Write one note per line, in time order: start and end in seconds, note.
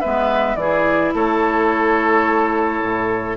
0.00 0.55 G#3
0.00 0.58 B3
0.00 0.56 B4
0.00 0.56 E5
0.55 1.11 E3
0.55 3.37 E4
0.55 1.14 G#4
0.55 1.12 D5
1.14 2.81 A3
1.14 3.37 A4
1.14 3.37 C#5
2.81 3.37 A2